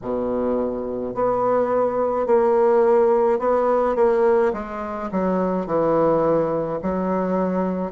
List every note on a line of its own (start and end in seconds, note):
0.02 1.14 B2
1.14 2.26 B3
2.26 3.39 A#3
3.39 3.95 B3
3.95 4.52 A#3
4.53 5.09 G#3
5.11 5.66 F#3
5.66 6.79 E3
6.82 7.91 F#3